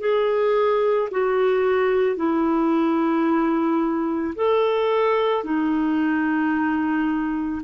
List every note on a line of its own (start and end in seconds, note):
0.00 1.09 G#4
1.11 2.16 F#4
2.16 4.34 E4
4.35 5.44 A4
5.44 7.62 D#4